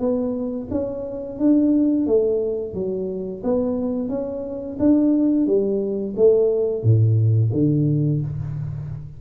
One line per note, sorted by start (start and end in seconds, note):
0.00 0.68 B3
0.71 1.39 C#4
1.39 2.06 D4
2.06 2.74 A3
2.74 3.42 F#3
3.44 4.09 B3
4.09 4.77 C#4
4.79 5.46 D4
5.46 6.15 G3
6.16 6.83 A3
6.83 7.51 A2
7.53 8.21 D3